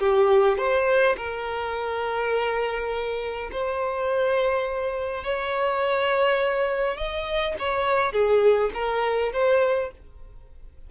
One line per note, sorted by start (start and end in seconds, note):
0.00 0.58 G4
0.58 1.17 C5
1.18 3.51 A#4
3.52 5.24 C5
5.24 6.97 C#5
6.97 7.56 D#5
7.60 8.13 C#5
8.13 8.71 G#4
8.75 9.33 A#4
9.33 9.92 C5